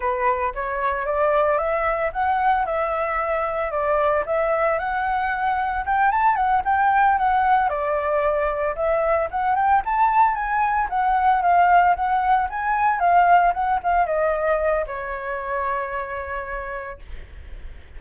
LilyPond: \new Staff \with { instrumentName = "flute" } { \time 4/4 \tempo 4 = 113 b'4 cis''4 d''4 e''4 | fis''4 e''2 d''4 | e''4 fis''2 g''8 a''8 | fis''8 g''4 fis''4 d''4.~ |
d''8 e''4 fis''8 g''8 a''4 gis''8~ | gis''8 fis''4 f''4 fis''4 gis''8~ | gis''8 f''4 fis''8 f''8 dis''4. | cis''1 | }